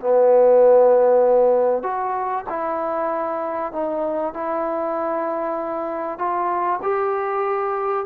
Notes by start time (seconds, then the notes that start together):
0.00 B3
1.83 F#4
2.49 E4
3.72 D#4
4.33 E4
6.18 F4
6.82 G4